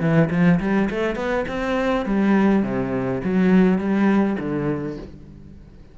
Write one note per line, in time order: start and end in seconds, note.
0.00 0.29 E3
0.31 0.60 F3
0.60 0.89 G3
0.90 1.16 A3
1.16 1.45 B3
1.49 2.06 C4
2.06 2.63 G3
2.63 3.21 C3
3.24 3.79 F#3
3.79 4.37 G3
4.40 4.98 D3